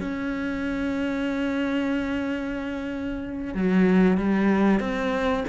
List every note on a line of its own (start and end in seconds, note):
0.00 3.54 C#4
3.54 4.17 F#3
4.17 4.79 G3
4.79 5.44 C4